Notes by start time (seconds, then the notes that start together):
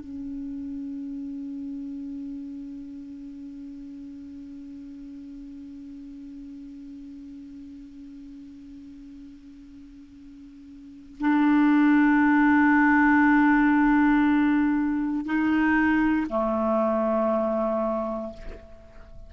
0.00 C#4
11.20 D4
15.26 D#4
16.30 A3